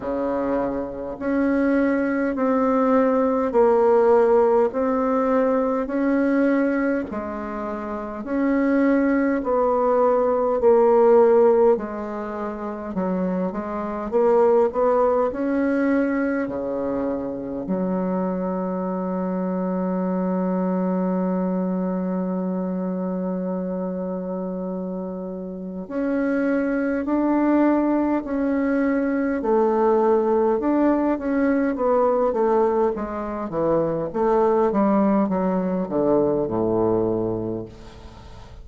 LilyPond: \new Staff \with { instrumentName = "bassoon" } { \time 4/4 \tempo 4 = 51 cis4 cis'4 c'4 ais4 | c'4 cis'4 gis4 cis'4 | b4 ais4 gis4 fis8 gis8 | ais8 b8 cis'4 cis4 fis4~ |
fis1~ | fis2 cis'4 d'4 | cis'4 a4 d'8 cis'8 b8 a8 | gis8 e8 a8 g8 fis8 d8 a,4 | }